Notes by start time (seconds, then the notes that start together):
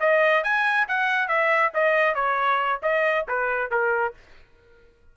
0.00 D#5
0.44 G#5
0.88 F#5
1.28 E5
1.74 D#5
2.15 C#5
2.82 D#5
3.28 B4
3.71 A#4